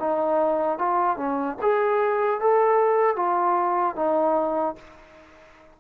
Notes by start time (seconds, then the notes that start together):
0.00 D#4
0.79 F4
1.17 C#4
1.62 G#4
2.41 A4
3.16 F4
3.96 D#4